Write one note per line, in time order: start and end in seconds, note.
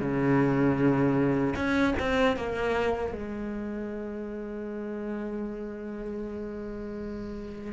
0.00 1.54 C#3
1.55 1.94 C#4
1.99 2.36 C4
2.36 3.12 A#3
3.12 7.72 G#3